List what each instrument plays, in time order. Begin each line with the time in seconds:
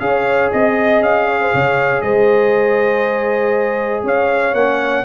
0.00 tuba C#4, trombone G#4, horn C#5, trumpet F5
0.52 tuba C4, horn D#5, trumpet D#5
1.01 tuba C#4, trumpet F5
1.28 horn C#5
1.41 horn C5
1.54 tuba C#3, horn C#5
2.02 tuba G#3, horn C5, trumpet D#5
4.03 tuba C#4, horn C#5, trumpet F5
4.54 tuba A#3, trombone C#4, trumpet F#5